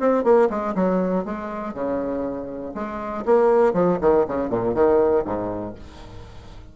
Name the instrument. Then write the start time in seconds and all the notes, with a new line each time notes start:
bassoon
0.00 C4
0.24 A#3
0.50 G#3
0.75 F#3
1.25 G#3
1.74 C#3
2.75 G#3
3.25 A#3
3.73 F3
4.01 D#3
4.28 C#3
4.50 A#2
4.74 D#3
5.25 G#2